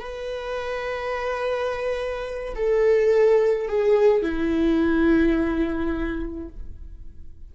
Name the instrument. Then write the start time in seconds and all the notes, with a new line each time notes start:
viola
0.00 B4
2.55 A4
3.68 G#4
4.22 E4